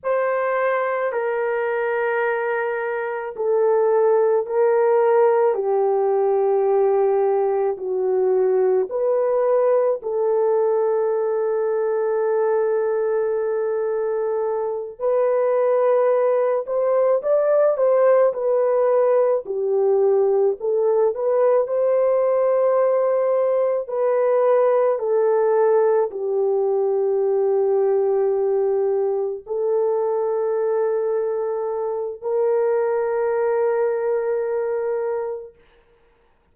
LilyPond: \new Staff \with { instrumentName = "horn" } { \time 4/4 \tempo 4 = 54 c''4 ais'2 a'4 | ais'4 g'2 fis'4 | b'4 a'2.~ | a'4. b'4. c''8 d''8 |
c''8 b'4 g'4 a'8 b'8 c''8~ | c''4. b'4 a'4 g'8~ | g'2~ g'8 a'4.~ | a'4 ais'2. | }